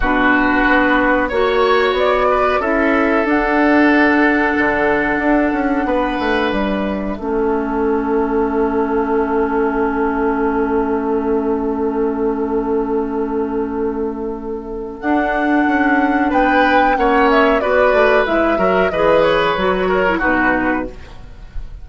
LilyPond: <<
  \new Staff \with { instrumentName = "flute" } { \time 4/4 \tempo 4 = 92 b'2 cis''4 d''4 | e''4 fis''2.~ | fis''2 e''2~ | e''1~ |
e''1~ | e''2. fis''4~ | fis''4 g''4 fis''8 e''8 d''4 | e''4 dis''8 cis''4. b'4 | }
  \new Staff \with { instrumentName = "oboe" } { \time 4/4 fis'2 cis''4. b'8 | a'1~ | a'4 b'2 a'4~ | a'1~ |
a'1~ | a'1~ | a'4 b'4 cis''4 b'4~ | b'8 ais'8 b'4. ais'8 fis'4 | }
  \new Staff \with { instrumentName = "clarinet" } { \time 4/4 d'2 fis'2 | e'4 d'2.~ | d'2. cis'4~ | cis'1~ |
cis'1~ | cis'2. d'4~ | d'2 cis'4 fis'4 | e'8 fis'8 gis'4 fis'8. e'16 dis'4 | }
  \new Staff \with { instrumentName = "bassoon" } { \time 4/4 b,4 b4 ais4 b4 | cis'4 d'2 d4 | d'8 cis'8 b8 a8 g4 a4~ | a1~ |
a1~ | a2. d'4 | cis'4 b4 ais4 b8 a8 | gis8 fis8 e4 fis4 b,4 | }
>>